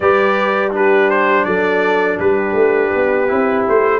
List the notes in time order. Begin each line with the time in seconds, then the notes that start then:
0.00 G3 G4 B4 D5
0.71 D4 G4 B4
1.10 C5
1.44 F#3 A4 D5
2.19 G3 G4 B4
2.53 A3
2.95 B3
3.28 C4 E4
3.68 A3 C5